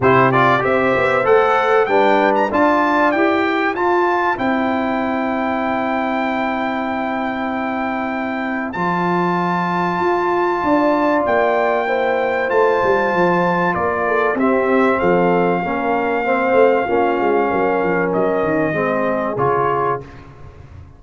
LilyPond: <<
  \new Staff \with { instrumentName = "trumpet" } { \time 4/4 \tempo 4 = 96 c''8 d''8 e''4 fis''4 g''8. ais''16 | a''4 g''4 a''4 g''4~ | g''1~ | g''2 a''2~ |
a''2 g''2 | a''2 d''4 e''4 | f''1~ | f''4 dis''2 cis''4 | }
  \new Staff \with { instrumentName = "horn" } { \time 4/4 g'4 c''2 b'4 | d''4. c''2~ c''8~ | c''1~ | c''1~ |
c''4 d''2 c''4~ | c''2 ais'8 a'8 g'4 | a'4 ais'4 c''4 f'4 | ais'2 gis'2 | }
  \new Staff \with { instrumentName = "trombone" } { \time 4/4 e'8 f'8 g'4 a'4 d'4 | f'4 g'4 f'4 e'4~ | e'1~ | e'2 f'2~ |
f'2. e'4 | f'2. c'4~ | c'4 cis'4 c'4 cis'4~ | cis'2 c'4 f'4 | }
  \new Staff \with { instrumentName = "tuba" } { \time 4/4 c4 c'8 b8 a4 g4 | d'4 e'4 f'4 c'4~ | c'1~ | c'2 f2 |
f'4 d'4 ais2 | a8 g8 f4 ais4 c'4 | f4 ais4. a8 ais8 gis8 | fis8 f8 fis8 dis8 gis4 cis4 | }
>>